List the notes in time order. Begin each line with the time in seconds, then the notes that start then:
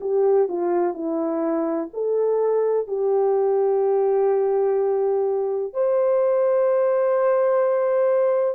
0.00 G4
0.48 F4
0.94 E4
1.93 A4
2.87 G4
5.73 C5